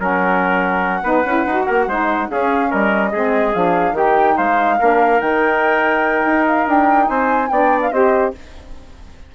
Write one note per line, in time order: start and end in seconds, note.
0.00 1.03 F#3
0.00 1.04 C#4
0.00 1.04 A#4
0.00 2.31 F#5
1.03 1.24 B3
1.03 1.25 D#4
1.03 1.66 B4
1.26 1.46 C#4
1.26 1.48 E4
1.46 1.67 D#4
1.46 1.90 F#4
1.67 1.88 A#3
1.67 1.88 A#4
1.88 2.29 G#3
1.88 2.30 D#4
1.88 2.30 C5
2.30 3.13 C#4
2.30 2.72 C#4
2.30 2.71 G#4
2.30 2.72 F5
2.71 3.14 G3
2.71 3.12 A#4
2.71 3.54 D#5
3.13 3.55 G#3
3.13 3.55 C4
3.13 3.96 G#4
3.54 3.93 F3
3.54 3.96 D4
3.54 3.96 F5
3.93 4.34 D#3
3.93 4.79 D#4
3.93 4.37 G4
3.93 4.38 G5
4.37 4.80 G#3
4.37 4.79 C5
4.37 5.21 F5
4.80 5.21 A#3
4.80 5.20 D4
4.80 7.09 A#4
5.20 6.25 D#3
5.20 7.49 D#4
5.20 6.46 G5
6.26 6.67 D#4
6.47 6.68 F5
6.67 7.09 D4
6.67 7.08 G5
7.08 7.51 C4
7.08 7.52 C5
7.08 7.49 G#5
7.49 7.92 B3
7.49 7.93 D4
7.49 7.93 D5
7.49 7.80 G5
7.82 7.92 F5
7.92 8.33 C4
7.92 8.35 G4
7.92 8.35 C5
7.92 8.34 D#5